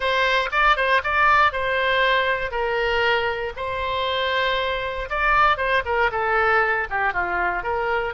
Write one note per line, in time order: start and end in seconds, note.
0.00 0.49 C5
0.51 0.76 D5
0.76 1.01 C5
1.03 1.52 D5
1.52 2.51 C5
2.51 3.52 A#4
3.56 5.09 C5
5.09 5.57 D5
5.57 5.82 C5
5.85 6.10 A#4
6.11 6.87 A4
6.89 7.13 G4
7.13 7.63 F4
7.63 8.14 A#4